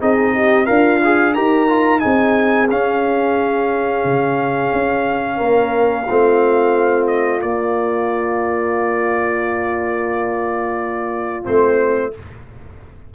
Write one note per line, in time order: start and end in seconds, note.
0.00 0.69 C4
0.00 0.65 D#4
0.00 0.34 G#4
0.00 0.66 D#5
0.34 0.66 G4
0.65 1.36 D4
0.65 1.34 F4
0.65 0.99 A#4
0.65 1.33 F5
1.04 1.36 G#4
1.34 2.04 D#4
1.34 1.69 G4
1.34 2.01 A#4
1.34 2.00 A#5
1.69 2.00 F4
2.00 2.71 C4
2.00 2.67 D#4
2.00 5.36 G#4
2.00 2.67 G#5
2.70 6.07 C#4
2.70 4.04 C#4
2.70 7.07 F5
4.04 4.72 C#3
4.73 5.39 C#4
5.36 6.07 A#3
5.36 6.04 A#4
6.07 7.42 A3
6.07 7.40 C4
6.07 12.13 F4
7.07 7.41 D#5
7.40 11.43 A#3
7.40 11.47 A#3
7.40 11.45 D5
11.43 12.14 A3
11.43 12.11 C4
11.43 12.13 C5